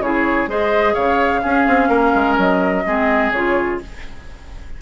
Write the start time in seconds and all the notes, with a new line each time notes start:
0.00 C#3 E4 G#4 C#5
0.48 G#3 G#4 C5 D#5
0.94 C#3 C#5 F5
1.43 C#4 G#4
1.68 C4
1.89 A#3 A#4
2.15 G#3
2.38 F#3 D#5
2.86 G#3 C4 G#4
3.32 C#3 F4 C#5